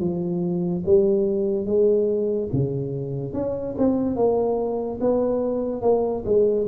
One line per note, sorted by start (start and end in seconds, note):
0.00 0.83 F3
0.85 1.66 G3
1.66 2.49 G#3
2.52 3.33 C#3
3.33 3.75 C#4
3.78 4.16 C4
4.16 4.99 A#3
5.00 5.81 B3
5.81 6.23 A#3
6.25 6.67 G#3